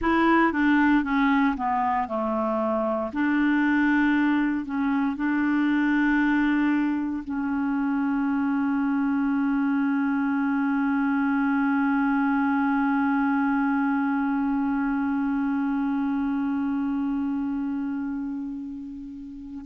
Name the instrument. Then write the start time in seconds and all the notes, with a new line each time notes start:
clarinet
0.01 E4
0.52 D4
1.03 C#4
1.56 B3
2.07 A3
3.13 D4
4.65 C#4
5.16 D4
7.24 C#4